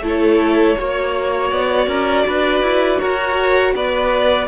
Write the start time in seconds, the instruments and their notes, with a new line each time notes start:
0.00 cello A3, viola E4, violin A4
0.07 violin C#5
0.77 cello A#3, viola F#4, violin C#5
1.50 cello B3, violin D5
1.87 cello C#4, violin A#4
2.26 cello D4, violin B4
2.61 cello E4
2.98 cello F#4, violin A#4 C#5
3.74 cello B3, violin B4 D5